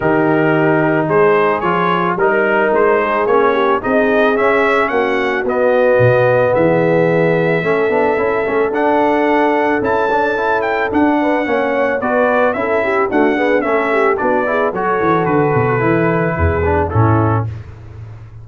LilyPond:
<<
  \new Staff \with { instrumentName = "trumpet" } { \time 4/4 \tempo 4 = 110 ais'2 c''4 cis''4 | ais'4 c''4 cis''4 dis''4 | e''4 fis''4 dis''2 | e''1 |
fis''2 a''4. g''8 | fis''2 d''4 e''4 | fis''4 e''4 d''4 cis''4 | b'2. a'4 | }
  \new Staff \with { instrumentName = "horn" } { \time 4/4 g'2 gis'2 | ais'4. gis'4 g'8 gis'4~ | gis'4 fis'2. | gis'2 a'2~ |
a'1~ | a'8 b'8 cis''4 b'4 a'8 g'8 | fis'8 gis'8 a'8 g'8 fis'8 gis'8 a'4~ | a'2 gis'4 e'4 | }
  \new Staff \with { instrumentName = "trombone" } { \time 4/4 dis'2. f'4 | dis'2 cis'4 dis'4 | cis'2 b2~ | b2 cis'8 d'8 e'8 cis'8 |
d'2 e'8 d'8 e'4 | d'4 cis'4 fis'4 e'4 | a8 b8 cis'4 d'8 e'8 fis'4~ | fis'4 e'4. d'8 cis'4 | }
  \new Staff \with { instrumentName = "tuba" } { \time 4/4 dis2 gis4 f4 | g4 gis4 ais4 c'4 | cis'4 ais4 b4 b,4 | e2 a8 b8 cis'8 a8 |
d'2 cis'2 | d'4 ais4 b4 cis'4 | d'4 a4 b4 fis8 e8 | d8 b,8 e4 e,4 a,4 | }
>>